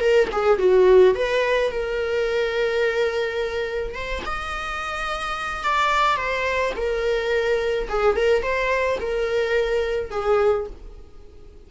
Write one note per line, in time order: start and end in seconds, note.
0.00 0.28 A#4
0.31 0.58 G#4
0.58 1.14 F#4
1.15 1.71 B4
1.71 3.94 A#4
3.94 4.22 C5
4.25 5.63 D#5
5.63 6.16 D5
6.16 6.72 C5
6.76 7.88 A#4
7.89 8.16 G#4
8.16 8.42 A#4
8.42 8.98 C5
9.00 10.10 A#4
10.10 10.66 G#4